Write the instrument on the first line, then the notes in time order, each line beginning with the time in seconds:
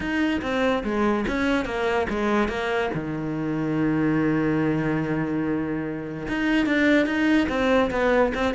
cello
0.00 D#4
0.41 C4
0.83 G#3
1.27 C#4
1.65 A#3
2.09 G#3
2.48 A#3
2.94 D#3
6.28 D#4
6.66 D4
7.06 D#4
7.48 C4
7.91 B3
8.34 C4